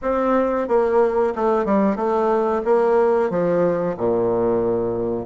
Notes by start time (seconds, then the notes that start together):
0.01 C4
0.67 A#3
1.35 A3
1.65 G3
1.96 A3
2.64 A#3
3.30 F3
3.97 A#2